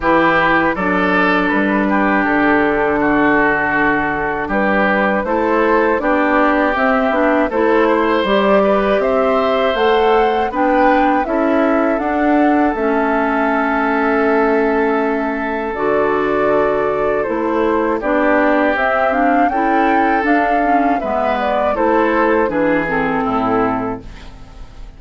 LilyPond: <<
  \new Staff \with { instrumentName = "flute" } { \time 4/4 \tempo 4 = 80 b'4 d''4 b'4 a'4~ | a'2 b'4 c''4 | d''4 e''4 c''4 d''4 | e''4 fis''4 g''4 e''4 |
fis''4 e''2.~ | e''4 d''2 c''4 | d''4 e''8 f''8 g''4 f''4 | e''8 d''8 c''4 b'8 a'4. | }
  \new Staff \with { instrumentName = "oboe" } { \time 4/4 g'4 a'4. g'4. | fis'2 g'4 a'4 | g'2 a'8 c''4 b'8 | c''2 b'4 a'4~ |
a'1~ | a'1 | g'2 a'2 | b'4 a'4 gis'4 e'4 | }
  \new Staff \with { instrumentName = "clarinet" } { \time 4/4 e'4 d'2.~ | d'2. e'4 | d'4 c'8 d'8 e'4 g'4~ | g'4 a'4 d'4 e'4 |
d'4 cis'2.~ | cis'4 fis'2 e'4 | d'4 c'8 d'8 e'4 d'8 cis'8 | b4 e'4 d'8 c'4. | }
  \new Staff \with { instrumentName = "bassoon" } { \time 4/4 e4 fis4 g4 d4~ | d2 g4 a4 | b4 c'8 b8 a4 g4 | c'4 a4 b4 cis'4 |
d'4 a2.~ | a4 d2 a4 | b4 c'4 cis'4 d'4 | gis4 a4 e4 a,4 | }
>>